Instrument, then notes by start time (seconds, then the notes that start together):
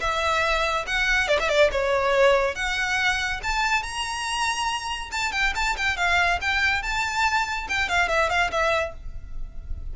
violin
0.00 E5
0.86 F#5
1.28 D5
1.39 E5
1.49 D5
1.72 C#5
2.55 F#5
3.43 A5
3.82 A#5
5.11 A5
5.32 G5
5.55 A5
5.76 G5
5.96 F5
6.41 G5
6.82 A5
7.69 G5
7.89 F5
8.08 E5
8.29 F5
8.51 E5